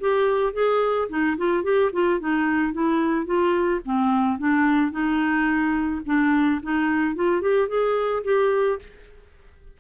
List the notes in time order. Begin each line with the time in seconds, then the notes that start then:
0.00 G4
0.53 G#4
1.09 D#4
1.37 F4
1.63 G4
1.92 F4
2.20 D#4
2.73 E4
3.26 F4
3.85 C4
4.39 D4
4.91 D#4
6.06 D4
6.63 D#4
7.15 F4
7.41 G4
7.68 G#4
8.24 G4